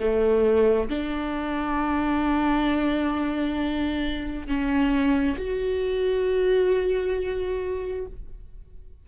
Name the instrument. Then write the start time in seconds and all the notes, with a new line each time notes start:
viola
0.00 A3
0.90 D4
4.48 C#4
5.38 F#4